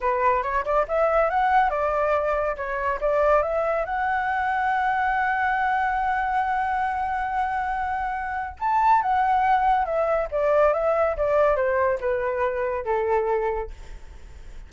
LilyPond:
\new Staff \with { instrumentName = "flute" } { \time 4/4 \tempo 4 = 140 b'4 cis''8 d''8 e''4 fis''4 | d''2 cis''4 d''4 | e''4 fis''2.~ | fis''1~ |
fis''1 | a''4 fis''2 e''4 | d''4 e''4 d''4 c''4 | b'2 a'2 | }